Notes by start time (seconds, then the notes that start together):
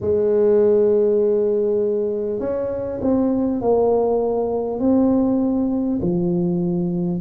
0.00 G#3
2.39 C#4
3.01 C4
3.61 A#3
4.79 C4
6.01 F3